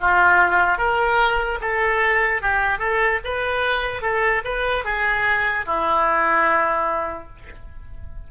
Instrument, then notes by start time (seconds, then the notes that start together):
oboe
0.00 F4
0.78 A#4
1.61 A4
2.41 G4
2.79 A4
3.24 B4
4.01 A4
4.44 B4
4.84 G#4
5.66 E4